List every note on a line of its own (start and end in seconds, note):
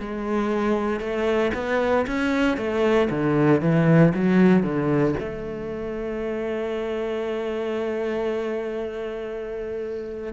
0.00 1.01 G#3
1.01 1.52 A3
1.55 2.06 B3
2.07 2.58 C#4
2.58 3.09 A3
3.10 3.62 D3
3.62 4.13 E3
4.15 4.64 F#3
4.64 5.15 D3
5.20 10.34 A3